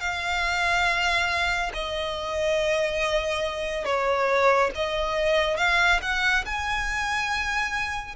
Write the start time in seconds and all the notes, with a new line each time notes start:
0.00 F5
1.73 D#5
3.85 C#5
4.75 D#5
5.57 F5
6.02 F#5
6.45 G#5